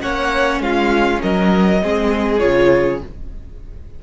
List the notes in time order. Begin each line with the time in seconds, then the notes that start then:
0.00 A#3 C#4 C#5 F#5
0.60 G#3 F4 F5
1.22 F#3 A#4 D#5
1.82 G#3 C4 G#4
2.40 C#3 F4 C#5